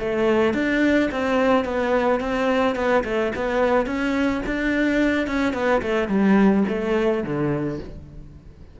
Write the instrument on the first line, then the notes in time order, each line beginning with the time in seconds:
cello
0.00 A3
0.54 D4
1.11 C4
1.65 B3
2.20 C4
2.76 B3
3.05 A3
3.35 B3
3.86 C#4
4.46 D4
5.27 C#4
5.54 B3
5.82 A3
6.08 G3
6.68 A3
7.24 D3